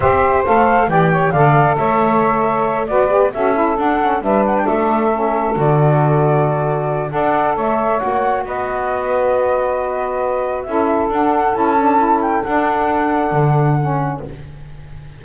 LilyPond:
<<
  \new Staff \with { instrumentName = "flute" } { \time 4/4 \tempo 4 = 135 e''4 f''4 g''4 f''4 | e''2~ e''8 d''4 e''8~ | e''8 fis''4 e''8 fis''16 g''16 e''4.~ | e''8 d''2.~ d''8 |
fis''4 e''4 fis''4 dis''4~ | dis''1 | e''4 fis''4 a''4. g''8 | fis''1 | }
  \new Staff \with { instrumentName = "saxophone" } { \time 4/4 c''2 d''8 cis''8 d''4 | cis''2~ cis''8 b'4 a'8~ | a'4. b'4 a'4.~ | a'1 |
d''4 cis''2 b'4~ | b'1 | a'1~ | a'1 | }
  \new Staff \with { instrumentName = "saxophone" } { \time 4/4 g'4 a'4 g'4 a'4~ | a'2~ a'8 fis'8 g'8 fis'8 | e'8 d'8 cis'8 d'2 cis'8~ | cis'8 fis'2.~ fis'8 |
a'2 fis'2~ | fis'1 | e'4 d'4 e'8 d'8 e'4 | d'2. cis'4 | }
  \new Staff \with { instrumentName = "double bass" } { \time 4/4 c'4 a4 e4 d4 | a2~ a8 b4 cis'8~ | cis'8 d'4 g4 a4.~ | a8 d2.~ d8 |
d'4 a4 ais4 b4~ | b1 | cis'4 d'4 cis'2 | d'2 d2 | }
>>